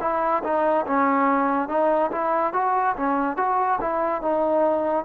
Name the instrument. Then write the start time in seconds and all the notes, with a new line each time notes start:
trombone
0.00 E4
0.43 D#4
0.86 C#4
1.68 D#4
2.11 E4
2.53 F#4
2.96 C#4
3.36 F#4
3.80 E4
4.21 D#4